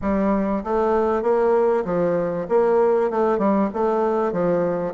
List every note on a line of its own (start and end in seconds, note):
0.01 0.63 G3
0.64 1.22 A3
1.22 1.84 A#3
1.84 2.46 F3
2.49 3.10 A#3
3.10 3.38 A3
3.38 3.69 G3
3.73 4.32 A3
4.32 4.94 F3